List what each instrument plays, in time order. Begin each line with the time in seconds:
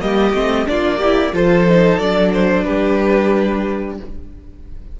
0.00 cello G3, viola A#3, violin G4 D#5
0.33 cello A3, viola C4
0.66 cello A#3, viola D4, violin F4 D5
0.98 viola E4, violin G4
1.32 cello F3, viola F4, violin A4 C5
1.69 viola D#4
1.98 cello F#3, viola D4, violin D5
2.33 violin C5
2.63 cello G3, violin G4 B4